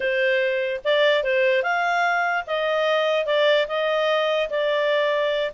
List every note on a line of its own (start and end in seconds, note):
0.00 0.81 C5
0.84 1.23 D5
1.23 1.62 C5
1.62 2.44 F5
2.46 3.26 D#5
3.26 3.66 D5
3.67 4.49 D#5
4.50 5.52 D5